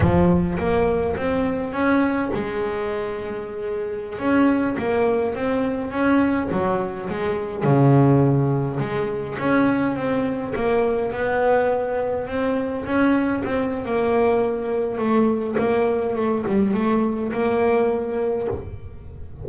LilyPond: \new Staff \with { instrumentName = "double bass" } { \time 4/4 \tempo 4 = 104 f4 ais4 c'4 cis'4 | gis2.~ gis16 cis'8.~ | cis'16 ais4 c'4 cis'4 fis8.~ | fis16 gis4 cis2 gis8.~ |
gis16 cis'4 c'4 ais4 b8.~ | b4~ b16 c'4 cis'4 c'8. | ais2 a4 ais4 | a8 g8 a4 ais2 | }